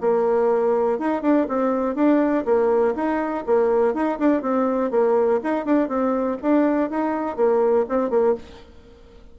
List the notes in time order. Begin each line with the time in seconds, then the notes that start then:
0.00 A#3
0.98 D#4
1.22 D4
1.48 C4
1.95 D4
2.45 A#3
2.95 D#4
3.46 A#3
3.93 D#4
4.18 D4
4.42 C4
4.90 A#3
5.43 D#4
5.65 D4
5.88 C4
6.42 D4
6.90 D#4
7.36 A#3
7.89 C4
8.10 A#3